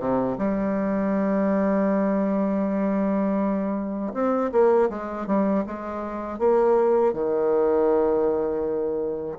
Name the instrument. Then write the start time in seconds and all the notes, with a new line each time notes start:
bassoon
0.00 C3
0.39 G3
4.14 C4
4.52 A#3
4.90 G#3
5.27 G3
5.67 G#3
6.39 A#3
7.14 D#3